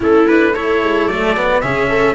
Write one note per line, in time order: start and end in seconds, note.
0.00 0.82 A3
0.00 0.27 C#4
0.00 0.52 E4
0.00 0.27 A4
0.27 0.55 D4
0.27 0.54 B4
0.52 1.09 E4
0.52 1.60 A4
0.52 1.07 C#5
0.82 1.06 G#3
1.06 1.60 F#3
1.06 1.36 A3
1.06 1.61 D5
1.36 1.62 B3
1.61 2.14 C#3
1.61 2.14 C#4
1.61 1.89 G#4
1.61 2.14 E5
1.89 2.14 A4